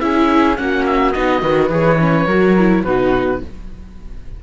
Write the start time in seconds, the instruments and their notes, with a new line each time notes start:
0.00 cello C#4, viola E4, flute G#4, oboe E5
0.56 cello A#3, viola C#4, flute F#4, oboe F#5
0.86 oboe E5
1.12 cello B3, viola D#4, oboe D#5
1.41 cello D#3, viola F#4, flute B4
1.69 cello E3, viola G#4, oboe C#5
1.99 viola C#4
2.27 cello F#3, viola F#4, flute A#4
2.58 viola E4
2.84 cello B2, viola D#4, flute F#4, oboe B4